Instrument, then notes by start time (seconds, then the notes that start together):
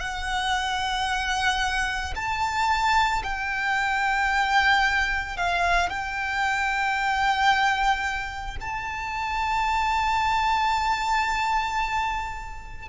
violin
0.00 F#5
2.15 A5
3.24 G5
5.37 F5
5.89 G5
8.61 A5